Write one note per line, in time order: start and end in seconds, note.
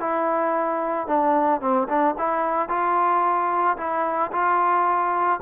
0.00 1.07 E4
1.07 1.61 D4
1.61 1.88 C4
1.88 2.15 D4
2.18 2.69 E4
2.69 3.77 F4
3.77 4.31 E4
4.32 5.40 F4